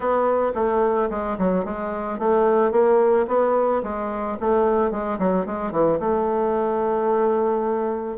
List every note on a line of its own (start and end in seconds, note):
0.00 0.52 B3
0.55 1.09 A3
1.10 1.37 G#3
1.38 1.64 F#3
1.64 2.18 G#3
2.18 2.71 A3
2.71 3.26 A#3
3.27 3.82 B3
3.83 4.38 G#3
4.40 4.91 A3
4.91 5.18 G#3
5.18 5.45 F#3
5.45 5.71 G#3
5.71 5.99 E3
5.99 8.17 A3